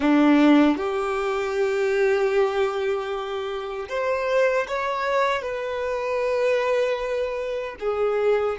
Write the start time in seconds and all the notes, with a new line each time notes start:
0.00 D4
0.77 G4
3.88 C5
4.68 C#5
5.42 B4
7.79 G#4